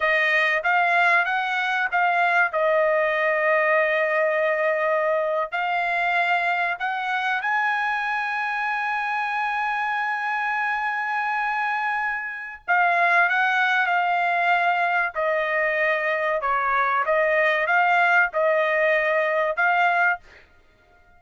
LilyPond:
\new Staff \with { instrumentName = "trumpet" } { \time 4/4 \tempo 4 = 95 dis''4 f''4 fis''4 f''4 | dis''1~ | dis''8. f''2 fis''4 gis''16~ | gis''1~ |
gis''1 | f''4 fis''4 f''2 | dis''2 cis''4 dis''4 | f''4 dis''2 f''4 | }